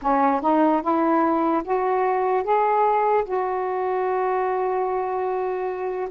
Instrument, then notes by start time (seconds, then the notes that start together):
saxophone
0.01 C#4
0.41 D#4
0.81 E4
1.64 F#4
2.43 G#4
3.24 F#4